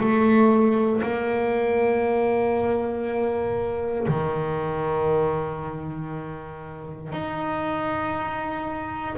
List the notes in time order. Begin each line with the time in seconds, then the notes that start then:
0.00 A3
1.02 A#3
4.08 D#3
7.12 D#4